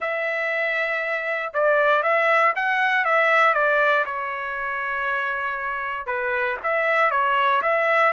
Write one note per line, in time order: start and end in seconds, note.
0.00 1.53 E5
1.53 2.02 D5
2.02 2.53 E5
2.55 3.04 F#5
3.04 3.54 E5
3.54 4.04 D5
4.05 6.06 C#5
6.06 6.57 B4
6.63 7.10 E5
7.10 7.61 C#5
7.62 8.12 E5